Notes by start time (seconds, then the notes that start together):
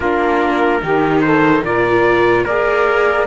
0.00 A#3 D4 F4 A#4
0.82 D#3 D#4 G4
1.21 A4 C5
1.62 A#2 F4 A#4 D5
2.44 A#3 G#4 A#4 D5